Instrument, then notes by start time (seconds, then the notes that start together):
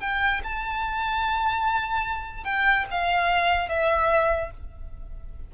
violin
0.00 G5
0.43 A5
2.44 G5
2.91 F5
3.69 E5